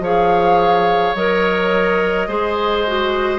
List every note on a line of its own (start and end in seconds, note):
0.00 1.13 F3
0.00 1.17 G#4
0.00 2.28 C#5
0.00 1.16 F5
1.15 2.28 F#3
1.15 2.29 A#4
1.15 3.39 D#5
2.28 3.39 G#3
2.28 2.86 G#4
2.28 3.39 C5
2.87 3.39 F#4